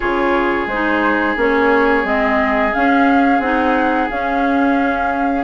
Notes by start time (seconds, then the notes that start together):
0.00 C#3 F4 G#4 C#5
0.66 G#3 C5
0.73 D#4
1.36 A#3 C#4 C#5
2.04 G#3 C4 D#5
2.72 C#4 F5
3.39 C4 D#4 F#5
4.10 C#4 F5